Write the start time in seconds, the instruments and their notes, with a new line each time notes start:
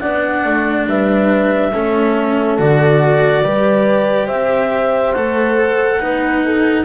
0.00 double bass B3, cello D4, horn D5, clarinet F#5
0.45 double bass A3
0.87 double bass G3, horn B4, clarinet E5
1.73 double bass A3, cello C#4, horn A4
2.59 double bass D3, cello F#4, clarinet D5
3.43 double bass G3, cello G4, horn B4
4.26 double bass C4, horn C5, clarinet E5
5.13 double bass A3, cello A4, clarinet F#5
6.00 double bass B3, cello D#4, horn B4
6.46 horn A4